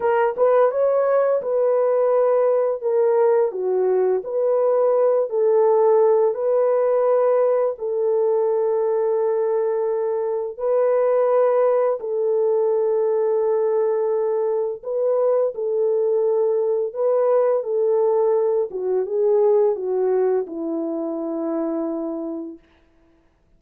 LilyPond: \new Staff \with { instrumentName = "horn" } { \time 4/4 \tempo 4 = 85 ais'8 b'8 cis''4 b'2 | ais'4 fis'4 b'4. a'8~ | a'4 b'2 a'4~ | a'2. b'4~ |
b'4 a'2.~ | a'4 b'4 a'2 | b'4 a'4. fis'8 gis'4 | fis'4 e'2. | }